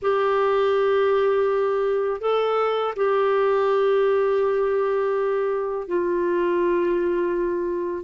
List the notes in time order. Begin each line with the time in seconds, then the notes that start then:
0.02 G4
2.20 A4
2.96 G4
5.87 F4